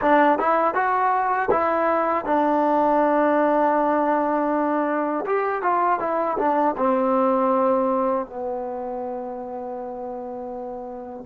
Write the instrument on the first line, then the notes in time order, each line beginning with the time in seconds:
trombone
0.01 D4
0.38 E4
0.74 F#4
1.50 E4
2.25 D4
5.26 G4
5.62 F4
5.99 E4
6.38 D4
6.77 C4
8.26 B3